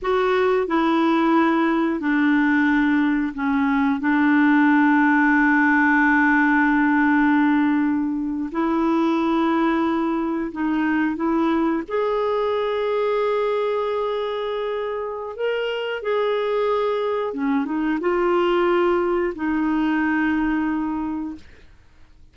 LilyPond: \new Staff \with { instrumentName = "clarinet" } { \time 4/4 \tempo 4 = 90 fis'4 e'2 d'4~ | d'4 cis'4 d'2~ | d'1~ | d'8. e'2. dis'16~ |
dis'8. e'4 gis'2~ gis'16~ | gis'2. ais'4 | gis'2 cis'8 dis'8 f'4~ | f'4 dis'2. | }